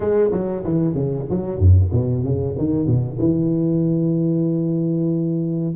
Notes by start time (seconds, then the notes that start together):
0.00 G#3
0.31 F#3
0.64 E3
0.93 C#3
1.30 F#3
1.58 F#2
1.91 B2
2.23 C#3
2.58 D#3
2.86 B2
3.19 E3